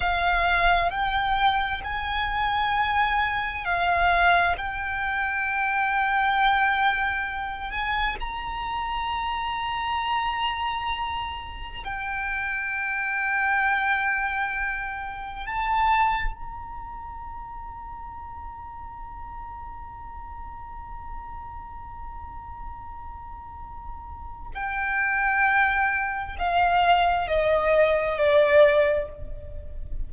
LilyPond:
\new Staff \with { instrumentName = "violin" } { \time 4/4 \tempo 4 = 66 f''4 g''4 gis''2 | f''4 g''2.~ | g''8 gis''8 ais''2.~ | ais''4 g''2.~ |
g''4 a''4 ais''2~ | ais''1~ | ais''2. g''4~ | g''4 f''4 dis''4 d''4 | }